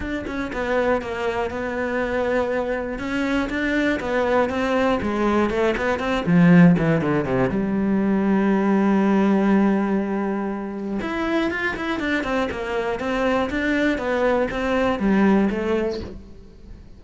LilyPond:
\new Staff \with { instrumentName = "cello" } { \time 4/4 \tempo 4 = 120 d'8 cis'8 b4 ais4 b4~ | b2 cis'4 d'4 | b4 c'4 gis4 a8 b8 | c'8 f4 e8 d8 c8 g4~ |
g1~ | g2 e'4 f'8 e'8 | d'8 c'8 ais4 c'4 d'4 | b4 c'4 g4 a4 | }